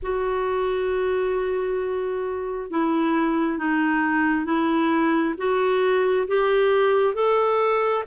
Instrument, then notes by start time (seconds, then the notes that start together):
clarinet
0.02 F#4
2.70 E4
3.57 D#4
4.45 E4
5.37 F#4
6.27 G4
7.14 A4